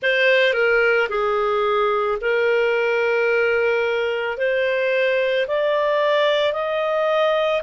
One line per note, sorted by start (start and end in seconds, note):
0.02 0.53 C5
0.53 1.08 A#4
1.09 2.18 G#4
2.21 4.37 A#4
4.37 5.46 C5
5.47 6.53 D5
6.53 7.62 D#5